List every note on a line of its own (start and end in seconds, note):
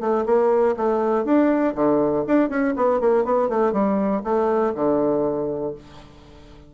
0.00 0.25 A3
0.26 0.75 A#3
0.77 1.24 A3
1.24 1.74 D4
1.75 2.24 D3
2.27 2.49 D4
2.49 2.74 C#4
2.76 3.00 B3
3.00 3.25 A#3
3.25 3.49 B3
3.49 3.73 A3
3.73 4.22 G3
4.24 4.73 A3
4.75 5.74 D3